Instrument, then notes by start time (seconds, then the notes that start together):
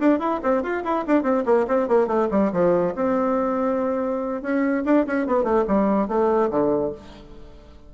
bassoon
0.00 D4
0.20 E4
0.43 C4
0.63 F4
0.84 E4
1.08 D4
1.23 C4
1.46 A#3
1.68 C4
1.88 A#3
2.07 A3
2.31 G3
2.53 F3
2.95 C4
4.42 C#4
4.85 D4
5.07 C#4
5.27 B3
5.44 A3
5.68 G3
6.08 A3
6.50 D3